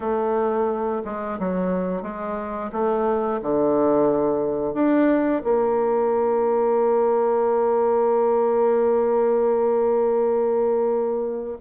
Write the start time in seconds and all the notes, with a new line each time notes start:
0.00 A3
1.04 G#3
1.39 F#3
2.02 G#3
2.72 A3
3.42 D3
4.74 D4
5.44 A#3